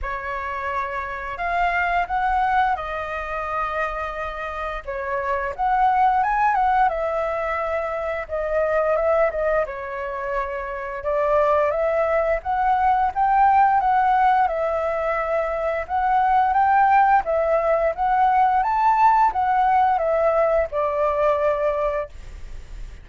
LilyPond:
\new Staff \with { instrumentName = "flute" } { \time 4/4 \tempo 4 = 87 cis''2 f''4 fis''4 | dis''2. cis''4 | fis''4 gis''8 fis''8 e''2 | dis''4 e''8 dis''8 cis''2 |
d''4 e''4 fis''4 g''4 | fis''4 e''2 fis''4 | g''4 e''4 fis''4 a''4 | fis''4 e''4 d''2 | }